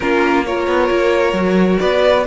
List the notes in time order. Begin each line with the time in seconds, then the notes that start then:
0.00 A#3 C#4 F4 A#4
0.45 F4 A#4 C#5
0.67 B3
0.90 A#3
1.32 F#3 F#4
1.79 B3 B4 D5